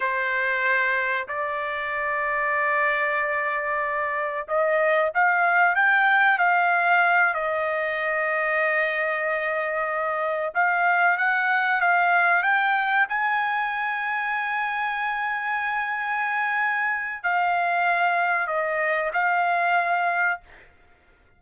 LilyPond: \new Staff \with { instrumentName = "trumpet" } { \time 4/4 \tempo 4 = 94 c''2 d''2~ | d''2. dis''4 | f''4 g''4 f''4. dis''8~ | dis''1~ |
dis''8 f''4 fis''4 f''4 g''8~ | g''8 gis''2.~ gis''8~ | gis''2. f''4~ | f''4 dis''4 f''2 | }